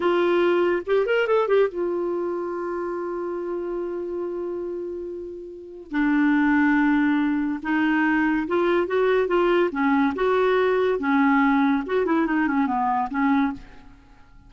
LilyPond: \new Staff \with { instrumentName = "clarinet" } { \time 4/4 \tempo 4 = 142 f'2 g'8 ais'8 a'8 g'8 | f'1~ | f'1~ | f'2 d'2~ |
d'2 dis'2 | f'4 fis'4 f'4 cis'4 | fis'2 cis'2 | fis'8 e'8 dis'8 cis'8 b4 cis'4 | }